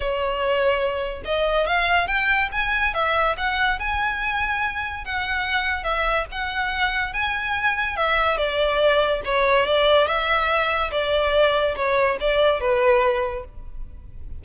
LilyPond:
\new Staff \with { instrumentName = "violin" } { \time 4/4 \tempo 4 = 143 cis''2. dis''4 | f''4 g''4 gis''4 e''4 | fis''4 gis''2. | fis''2 e''4 fis''4~ |
fis''4 gis''2 e''4 | d''2 cis''4 d''4 | e''2 d''2 | cis''4 d''4 b'2 | }